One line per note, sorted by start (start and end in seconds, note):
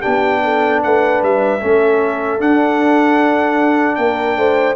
0.00 0.84 B3
0.00 1.59 D4
0.00 0.39 G4
0.00 0.80 G5
0.43 0.83 A4
0.83 1.22 A3
0.83 1.61 B4
0.83 1.22 F#5
1.22 1.62 G3
1.22 2.40 E5
1.60 2.39 A3
1.60 2.38 C#4
1.60 3.98 A4
2.38 4.75 D4
2.38 3.97 D4
2.38 3.95 F#5
3.95 4.36 A#3
3.95 4.37 A#4
3.95 4.74 G5
4.36 4.75 A3
4.36 4.75 C5